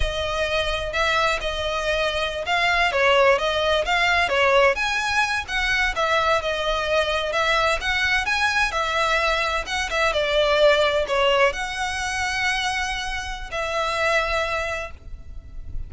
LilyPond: \new Staff \with { instrumentName = "violin" } { \time 4/4 \tempo 4 = 129 dis''2 e''4 dis''4~ | dis''4~ dis''16 f''4 cis''4 dis''8.~ | dis''16 f''4 cis''4 gis''4. fis''16~ | fis''8. e''4 dis''2 e''16~ |
e''8. fis''4 gis''4 e''4~ e''16~ | e''8. fis''8 e''8 d''2 cis''16~ | cis''8. fis''2.~ fis''16~ | fis''4 e''2. | }